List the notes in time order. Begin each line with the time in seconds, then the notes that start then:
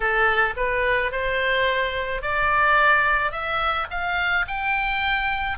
0.00 A4
0.56 B4
1.11 C5
2.22 D5
3.31 E5
3.90 F5
4.47 G5